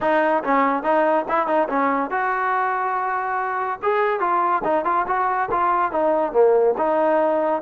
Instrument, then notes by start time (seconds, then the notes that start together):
trombone
0.00 D#4
0.43 C#4
0.83 D#4
1.28 E4
1.47 D#4
1.68 C#4
2.10 F#4
3.82 G#4
4.20 F4
4.64 D#4
4.84 F4
5.07 F#4
5.51 F4
5.91 D#4
6.32 A#3
6.77 D#4